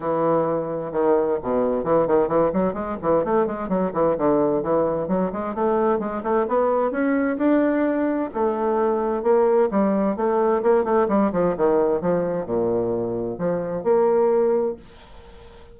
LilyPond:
\new Staff \with { instrumentName = "bassoon" } { \time 4/4 \tempo 4 = 130 e2 dis4 b,4 | e8 dis8 e8 fis8 gis8 e8 a8 gis8 | fis8 e8 d4 e4 fis8 gis8 | a4 gis8 a8 b4 cis'4 |
d'2 a2 | ais4 g4 a4 ais8 a8 | g8 f8 dis4 f4 ais,4~ | ais,4 f4 ais2 | }